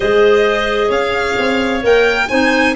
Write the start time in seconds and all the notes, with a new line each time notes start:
0.00 G#3 G#4 C5 D#5
0.87 C#4 C#5 F5
1.38 C4
1.83 A#3 A#4 G5
2.28 C4 D#4 C5 G#5